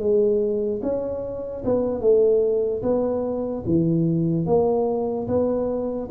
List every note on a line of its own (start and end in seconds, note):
0.00 0.81 G#3
0.83 1.64 C#4
1.65 2.01 B3
2.01 2.82 A3
2.83 3.64 B3
3.66 4.46 E3
4.46 5.27 A#3
5.28 6.09 B3